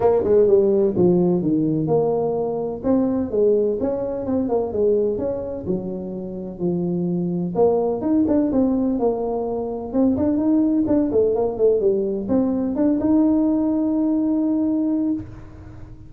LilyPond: \new Staff \with { instrumentName = "tuba" } { \time 4/4 \tempo 4 = 127 ais8 gis8 g4 f4 dis4 | ais2 c'4 gis4 | cis'4 c'8 ais8 gis4 cis'4 | fis2 f2 |
ais4 dis'8 d'8 c'4 ais4~ | ais4 c'8 d'8 dis'4 d'8 a8 | ais8 a8 g4 c'4 d'8 dis'8~ | dis'1 | }